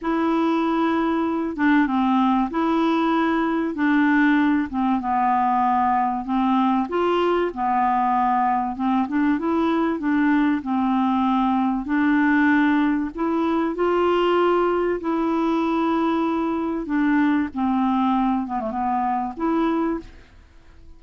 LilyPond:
\new Staff \with { instrumentName = "clarinet" } { \time 4/4 \tempo 4 = 96 e'2~ e'8 d'8 c'4 | e'2 d'4. c'8 | b2 c'4 f'4 | b2 c'8 d'8 e'4 |
d'4 c'2 d'4~ | d'4 e'4 f'2 | e'2. d'4 | c'4. b16 a16 b4 e'4 | }